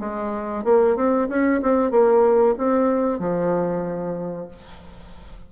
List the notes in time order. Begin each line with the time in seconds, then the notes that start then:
0.00 G#3
0.65 A#3
0.96 C4
1.29 C#4
1.62 C4
1.91 A#3
2.58 C4
3.19 F3